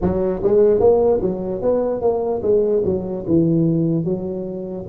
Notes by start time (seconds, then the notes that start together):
0.01 F#3
0.43 G#3
0.80 A#3
1.21 F#3
1.61 B3
2.00 A#3
2.42 G#3
2.84 F#3
3.27 E3
4.04 F#3